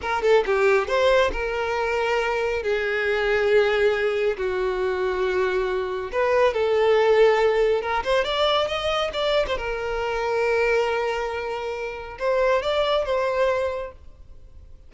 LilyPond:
\new Staff \with { instrumentName = "violin" } { \time 4/4 \tempo 4 = 138 ais'8 a'8 g'4 c''4 ais'4~ | ais'2 gis'2~ | gis'2 fis'2~ | fis'2 b'4 a'4~ |
a'2 ais'8 c''8 d''4 | dis''4 d''8. c''16 ais'2~ | ais'1 | c''4 d''4 c''2 | }